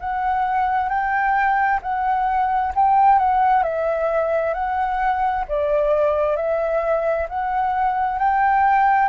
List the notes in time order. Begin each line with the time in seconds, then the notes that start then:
0.00 F#5
0.89 G5
1.82 F#5
2.75 G5
3.19 F#5
3.63 E5
4.54 F#5
5.48 D5
6.36 E5
7.29 F#5
8.19 G5